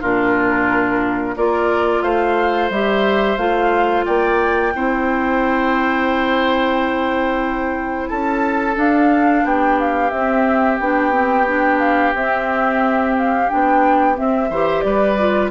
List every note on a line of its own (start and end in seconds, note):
0.00 1.36 A#2
0.00 1.36 D4
0.00 1.35 F4
0.00 1.36 A#4
1.36 2.02 A#3
1.36 2.71 F4
1.36 2.03 A#4
1.36 2.02 D5
2.02 2.70 A3
2.02 4.05 C5
2.02 2.69 F5
2.70 3.37 G3
2.70 3.38 G4
2.70 3.37 E5
3.37 4.04 A3
3.37 4.73 F4
3.37 4.04 F5
4.05 4.74 A#3
4.05 4.73 D5
4.05 8.08 G5
4.74 8.10 C4
4.74 8.74 E4
4.74 8.09 C5
8.08 8.77 C#4
8.08 9.44 A4
8.08 8.75 A5
8.74 10.09 D4
8.74 9.43 D4
8.74 9.45 F5
9.43 10.11 B3
9.43 14.50 G4
9.43 9.79 G5
9.79 10.10 F5
10.10 10.79 C4
10.10 10.81 C4
10.10 10.78 E5
10.79 12.13 B3
10.79 11.11 D4
10.79 11.79 G5
11.11 11.45 C4
11.47 12.15 D4
11.79 12.13 F5
12.13 13.48 C4
12.13 13.49 C4
12.13 13.17 E5
13.17 13.49 F5
13.49 14.18 B3
13.49 14.15 D4
13.49 14.16 G5
14.15 14.49 C4
14.15 14.50 C4
14.15 14.80 E5
14.50 14.83 E3
14.50 15.18 G4
14.50 14.83 C5
14.80 15.51 G3
14.80 15.51 B4
14.80 15.48 D5
15.18 15.51 F4